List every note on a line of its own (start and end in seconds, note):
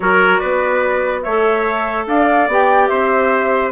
0.00 0.40 F#3
0.00 1.23 F#4
0.00 0.39 A#4
0.00 0.38 C#5
0.38 1.25 B3
0.38 1.22 B4
0.38 1.20 D5
1.22 2.07 A3
1.22 2.50 A4
1.22 2.06 C#5
1.22 2.05 E5
2.07 2.47 D4
2.07 2.89 D5
2.07 2.49 F5
2.47 2.89 B3
2.47 3.71 G4
2.47 2.87 G5
2.87 3.71 C4
2.87 3.71 C5
2.87 3.70 E5